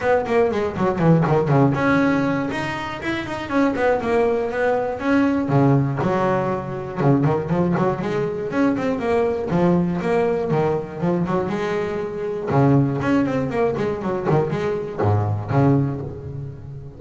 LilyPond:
\new Staff \with { instrumentName = "double bass" } { \time 4/4 \tempo 4 = 120 b8 ais8 gis8 fis8 e8 dis8 cis8 cis'8~ | cis'4 dis'4 e'8 dis'8 cis'8 b8 | ais4 b4 cis'4 cis4 | fis2 cis8 dis8 f8 fis8 |
gis4 cis'8 c'8 ais4 f4 | ais4 dis4 f8 fis8 gis4~ | gis4 cis4 cis'8 c'8 ais8 gis8 | fis8 dis8 gis4 gis,4 cis4 | }